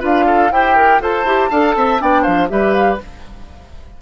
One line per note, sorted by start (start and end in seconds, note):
0.00 0.51 D4
0.00 0.50 F4
0.00 0.25 B4
0.00 0.52 F5
0.27 0.52 A4
0.51 1.00 E4
0.51 1.02 G4
0.51 0.76 C5
0.51 1.02 G5
0.76 1.01 A#4
1.00 1.24 F4
1.00 1.26 A4
1.00 1.50 C5
1.00 2.01 A5
1.24 1.49 E4
1.24 1.51 G4
1.50 1.76 D4
1.50 2.00 A4
1.50 1.75 F5
1.76 2.00 C4
1.76 2.02 E5
2.00 2.27 B3
2.00 2.49 D4
2.00 2.22 D5
2.00 2.24 G5
2.22 2.50 F3
2.22 2.47 C5
2.22 2.49 F5
2.49 3.00 G3
2.49 2.98 G4
2.49 3.02 B4
2.49 2.74 E5
2.74 2.98 F5